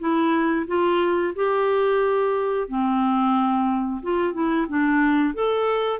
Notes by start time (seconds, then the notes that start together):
0.00 E4
0.68 F4
1.36 G4
2.69 C4
4.03 F4
4.34 E4
4.69 D4
5.35 A4